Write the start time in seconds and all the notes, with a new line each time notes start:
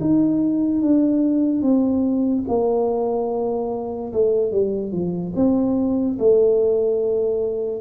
0.00 D#4
0.81 D4
1.62 C4
2.47 A#3
4.12 A3
4.51 G3
4.91 F3
5.35 C4
6.19 A3